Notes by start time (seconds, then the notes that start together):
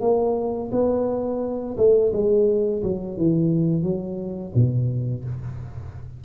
0.00 A#3
0.71 B3
1.77 A3
2.12 G#3
2.82 F#3
3.17 E3
3.82 F#3
4.54 B2